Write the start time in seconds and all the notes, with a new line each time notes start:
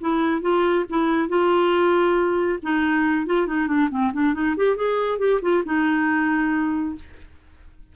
0.00 E4
0.41 F4
0.89 E4
1.28 F4
2.62 D#4
3.26 F4
3.47 D#4
3.67 D4
3.90 C4
4.12 D4
4.33 D#4
4.56 G4
4.76 G#4
5.18 G4
5.41 F4
5.65 D#4